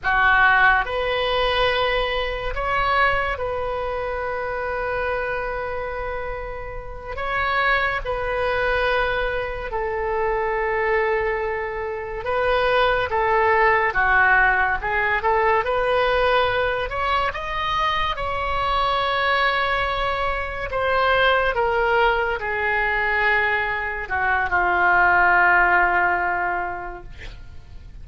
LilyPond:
\new Staff \with { instrumentName = "oboe" } { \time 4/4 \tempo 4 = 71 fis'4 b'2 cis''4 | b'1~ | b'8 cis''4 b'2 a'8~ | a'2~ a'8 b'4 a'8~ |
a'8 fis'4 gis'8 a'8 b'4. | cis''8 dis''4 cis''2~ cis''8~ | cis''8 c''4 ais'4 gis'4.~ | gis'8 fis'8 f'2. | }